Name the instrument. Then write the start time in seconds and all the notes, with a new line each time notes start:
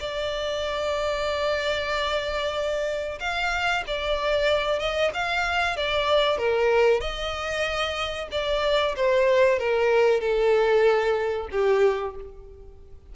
violin
0.00 D5
3.20 F5
3.87 D5
4.79 D#5
5.14 F5
5.77 D5
6.38 A#4
7.00 D#5
8.32 D5
8.96 C5
9.59 A#4
10.21 A4
11.52 G4